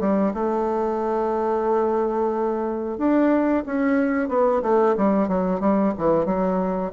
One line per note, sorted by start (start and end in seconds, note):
0.00 0.33 G3
0.34 2.98 A3
2.98 3.64 D4
3.66 4.29 C#4
4.29 4.62 B3
4.62 4.95 A3
4.97 5.28 G3
5.28 5.60 F#3
5.60 5.93 G3
5.98 6.25 E3
6.25 6.91 F#3